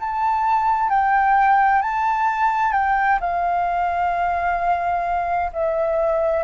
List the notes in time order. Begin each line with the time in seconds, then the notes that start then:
0.00 A5
0.90 G5
1.82 A5
2.73 G5
3.21 F5
5.53 E5